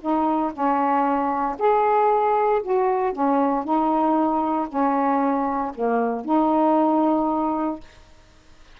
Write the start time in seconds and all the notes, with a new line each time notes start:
0.00 D#4
0.53 C#4
1.58 G#4
2.62 F#4
3.12 C#4
3.64 D#4
4.68 C#4
5.74 A#3
6.24 D#4